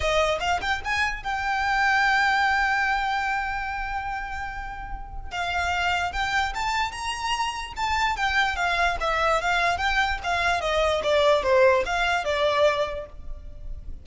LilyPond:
\new Staff \with { instrumentName = "violin" } { \time 4/4 \tempo 4 = 147 dis''4 f''8 g''8 gis''4 g''4~ | g''1~ | g''1~ | g''4 f''2 g''4 |
a''4 ais''2 a''4 | g''4 f''4 e''4 f''4 | g''4 f''4 dis''4 d''4 | c''4 f''4 d''2 | }